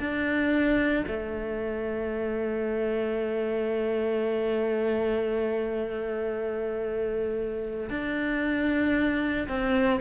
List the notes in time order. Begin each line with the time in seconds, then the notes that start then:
0.00 D4
1.08 A3
7.90 D4
9.48 C4